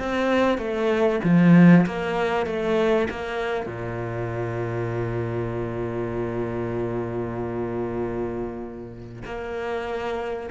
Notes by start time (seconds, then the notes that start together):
0.00 C4
0.58 A3
1.24 F3
1.87 A#3
2.47 A3
3.10 A#3
3.67 A#2
9.26 A#3